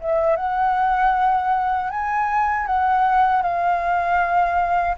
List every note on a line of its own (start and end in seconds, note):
0.00 0.36 E5
0.36 1.90 F#5
1.90 2.66 G#5
2.66 3.42 F#5
3.42 4.96 F5